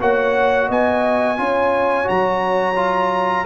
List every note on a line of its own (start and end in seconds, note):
0.00 0.69 A#3
0.00 1.37 F#4
0.00 0.68 C#5
0.00 0.70 F#5
0.68 1.38 B3
0.68 1.37 D#5
0.68 2.08 G#5
1.37 2.08 C#4
1.37 2.04 F4
1.37 3.46 C#5
2.04 2.73 F#4
2.04 3.46 A#5
2.10 3.46 F#3
2.76 3.45 F4